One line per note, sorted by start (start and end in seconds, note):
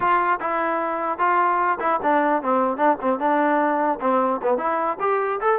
0.00 0.39 F4
0.40 1.18 E4
1.18 1.78 F4
1.80 2.00 E4
2.03 2.42 D4
2.42 2.77 C4
2.77 2.97 D4
3.01 3.19 C4
3.19 3.99 D4
4.00 4.40 C4
4.42 4.57 B3
4.57 4.97 E4
4.99 5.39 G4
5.41 5.59 A4